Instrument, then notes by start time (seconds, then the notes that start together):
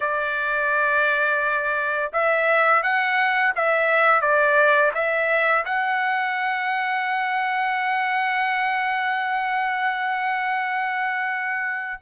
trumpet
0.00 D5
2.12 E5
2.82 F#5
3.55 E5
4.21 D5
4.94 E5
5.65 F#5